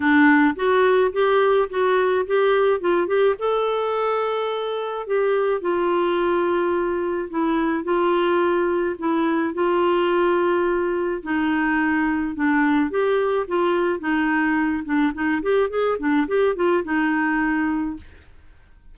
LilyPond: \new Staff \with { instrumentName = "clarinet" } { \time 4/4 \tempo 4 = 107 d'4 fis'4 g'4 fis'4 | g'4 f'8 g'8 a'2~ | a'4 g'4 f'2~ | f'4 e'4 f'2 |
e'4 f'2. | dis'2 d'4 g'4 | f'4 dis'4. d'8 dis'8 g'8 | gis'8 d'8 g'8 f'8 dis'2 | }